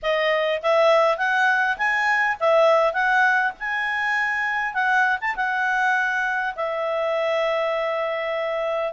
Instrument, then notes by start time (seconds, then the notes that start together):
clarinet
0.02 D#5
0.62 E5
1.17 F#5
1.77 G#5
2.40 E5
2.93 F#5
3.59 G#5
4.74 F#5
5.20 A5
5.36 F#5
6.55 E5